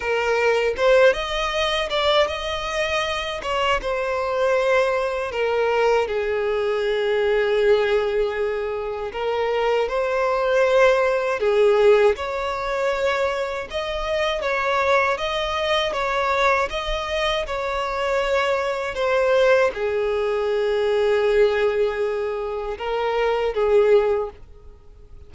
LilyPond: \new Staff \with { instrumentName = "violin" } { \time 4/4 \tempo 4 = 79 ais'4 c''8 dis''4 d''8 dis''4~ | dis''8 cis''8 c''2 ais'4 | gis'1 | ais'4 c''2 gis'4 |
cis''2 dis''4 cis''4 | dis''4 cis''4 dis''4 cis''4~ | cis''4 c''4 gis'2~ | gis'2 ais'4 gis'4 | }